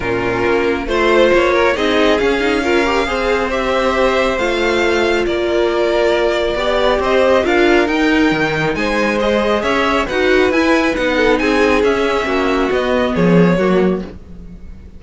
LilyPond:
<<
  \new Staff \with { instrumentName = "violin" } { \time 4/4 \tempo 4 = 137 ais'2 c''4 cis''4 | dis''4 f''2. | e''2 f''2 | d''1 |
dis''4 f''4 g''2 | gis''4 dis''4 e''4 fis''4 | gis''4 fis''4 gis''4 e''4~ | e''4 dis''4 cis''2 | }
  \new Staff \with { instrumentName = "violin" } { \time 4/4 f'2 c''4. ais'8 | gis'2 ais'4 c''4~ | c''1 | ais'2. d''4 |
c''4 ais'2. | c''2 cis''4 b'4~ | b'4. a'8 gis'2 | fis'2 gis'4 fis'4 | }
  \new Staff \with { instrumentName = "viola" } { \time 4/4 cis'2 f'2 | dis'4 cis'8 dis'8 f'8 g'8 gis'4 | g'2 f'2~ | f'2. g'4~ |
g'4 f'4 dis'2~ | dis'4 gis'2 fis'4 | e'4 dis'2 cis'4~ | cis'4 b2 ais4 | }
  \new Staff \with { instrumentName = "cello" } { \time 4/4 ais,4 ais4 a4 ais4 | c'4 cis'2 c'4~ | c'2 a2 | ais2. b4 |
c'4 d'4 dis'4 dis4 | gis2 cis'4 dis'4 | e'4 b4 c'4 cis'4 | ais4 b4 f4 fis4 | }
>>